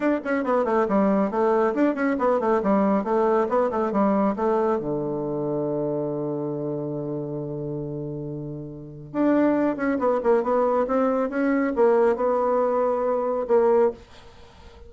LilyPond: \new Staff \with { instrumentName = "bassoon" } { \time 4/4 \tempo 4 = 138 d'8 cis'8 b8 a8 g4 a4 | d'8 cis'8 b8 a8 g4 a4 | b8 a8 g4 a4 d4~ | d1~ |
d1~ | d4 d'4. cis'8 b8 ais8 | b4 c'4 cis'4 ais4 | b2. ais4 | }